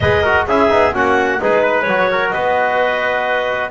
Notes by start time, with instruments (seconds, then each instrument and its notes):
0.00 double bass G#3, trombone G#4, trumpet B4, clarinet D#5
0.22 trombone F#4, trumpet A#4
0.46 double bass C#4, trombone E4, trumpet G#4, clarinet E5
0.69 double bass B3, trombone D#4
0.93 double bass A#3, trombone C#4, trumpet F#4, clarinet F#5
1.39 double bass G#3, trombone D#4, trumpet G#4, clarinet B4
1.62 trumpet B4
1.82 double bass F#3, trombone F#4, clarinet C#5
2.11 trumpet A#4
2.30 double bass B3, trumpet B4, clarinet D#5